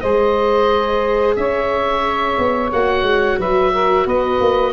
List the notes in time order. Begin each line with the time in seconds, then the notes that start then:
0.00 G#3 G#4 C5 D#5
1.36 C#4 C#5 E5
2.38 B3
2.72 A#3 F#4 F#5
3.02 G#3
3.38 F#3 B4 E5
3.72 A#4
4.05 B3 B4 D#5
4.40 A#3